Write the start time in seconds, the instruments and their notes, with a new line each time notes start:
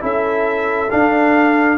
0.00 tuba C#4, trombone E4, horn A4, trumpet E5
0.91 trombone D4, tuba D4, trumpet F5